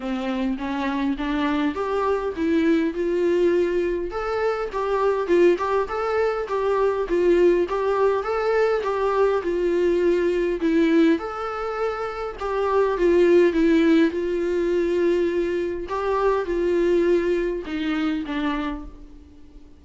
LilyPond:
\new Staff \with { instrumentName = "viola" } { \time 4/4 \tempo 4 = 102 c'4 cis'4 d'4 g'4 | e'4 f'2 a'4 | g'4 f'8 g'8 a'4 g'4 | f'4 g'4 a'4 g'4 |
f'2 e'4 a'4~ | a'4 g'4 f'4 e'4 | f'2. g'4 | f'2 dis'4 d'4 | }